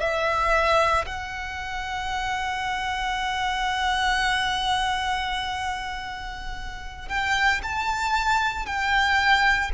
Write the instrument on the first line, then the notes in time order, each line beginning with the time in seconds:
violin
0.00 E5
1.06 F#5
7.09 G5
7.63 A5
8.66 G5